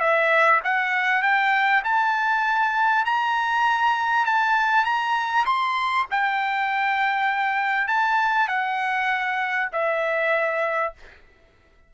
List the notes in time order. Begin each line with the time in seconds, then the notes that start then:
0.00 E5
0.64 F#5
1.23 G5
1.84 A5
3.06 A#5
4.26 A5
4.85 A#5
5.46 C6
6.11 G5
7.88 A5
8.48 F#5
9.72 E5